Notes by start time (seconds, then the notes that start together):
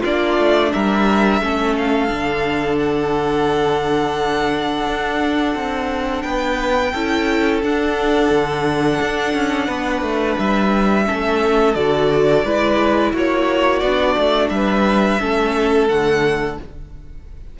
0.00 A#3 D4 F4 D5
0.38 A3
0.72 G3 A#4 E5
1.41 A3 C#4 A4
1.77 F5
2.08 D3 D4
2.78 F#5
4.86 D4
5.55 C4
6.22 B3 B4 G5
6.92 C#4 E4 A4
7.63 D4 F#5
8.30 D3
9.01 D4
9.34 C#4
9.66 B3 B4
10.01 A3
10.38 G3 E5
11.05 A3 C#4 A4
11.74 D3 F#4 D5
12.44 G#3 E4 B4
13.12 A#3 F#4 C#5
13.79 B3 D5
13.86 D4
14.17 A3
14.49 G3 B4 E5
15.19 A3 C#4 A4
15.88 D3 A3 F#5